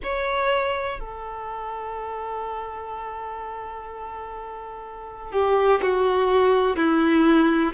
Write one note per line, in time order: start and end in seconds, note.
0.03 0.99 C#5
0.99 5.31 A4
5.31 5.80 G4
5.82 6.76 F#4
6.76 7.73 E4